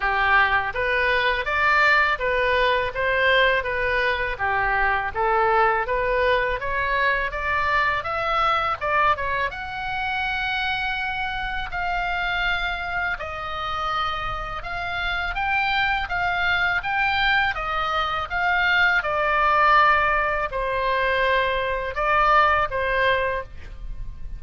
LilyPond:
\new Staff \with { instrumentName = "oboe" } { \time 4/4 \tempo 4 = 82 g'4 b'4 d''4 b'4 | c''4 b'4 g'4 a'4 | b'4 cis''4 d''4 e''4 | d''8 cis''8 fis''2. |
f''2 dis''2 | f''4 g''4 f''4 g''4 | dis''4 f''4 d''2 | c''2 d''4 c''4 | }